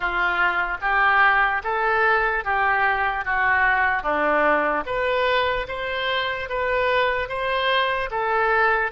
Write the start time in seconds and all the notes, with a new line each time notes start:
0.00 F4
0.81 G4
1.63 A4
2.44 G4
3.24 F#4
4.02 D4
4.85 B4
5.68 C5
6.49 B4
7.28 C5
8.10 A4